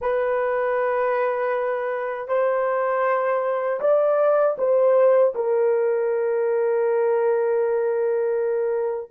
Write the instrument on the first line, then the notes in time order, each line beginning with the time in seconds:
horn
0.01 B4
2.28 C5
3.80 D5
4.58 C5
5.34 A#4